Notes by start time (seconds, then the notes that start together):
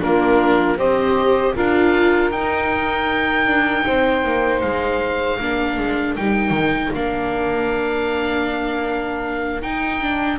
0.00 A#3 D4 F4 A#4
0.77 C4 G4 C5 D#5
1.54 D4 F4 A#4 F5
2.31 D#4 G5
3.47 D4
3.87 C4 C5
4.24 A#3
4.62 G#3 F5
5.39 A#3 D4 A#4
5.78 G#3
6.16 G3 D#4 G5
6.50 D#3
6.94 A#3 D4 F5
9.62 D#4 G5
10.01 D4